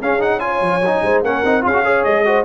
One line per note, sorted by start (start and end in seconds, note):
0.00 0.61 C#4
0.00 0.19 C#4
0.00 0.41 G#4
0.00 0.22 F5
0.19 0.40 D#4
0.19 0.40 F#5
0.40 0.80 F4
0.40 1.03 C#5
0.40 1.21 G#5
0.61 0.81 F3
0.81 1.01 F#3
0.81 1.24 D#4
1.02 1.22 G#3
1.02 1.23 C5
1.22 1.42 A#3
1.22 1.45 C#4
1.22 1.65 A#4
1.22 1.65 F#5
1.44 1.64 C4
1.44 1.61 D#4
1.61 2.05 C#4
1.61 1.71 F4
1.61 1.84 G#4
1.61 2.04 F5
1.73 1.83 F#4
1.84 2.25 G#4
1.84 2.25 C#5
2.04 2.45 G#3
2.04 2.45 D#5
2.25 2.45 F#4
2.25 2.45 C5